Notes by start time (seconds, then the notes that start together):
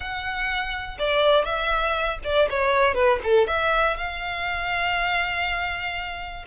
0.00 F#5
0.98 D5
1.44 E5
2.24 D5
2.50 C#5
2.94 B4
3.23 A4
3.47 E5
3.97 F5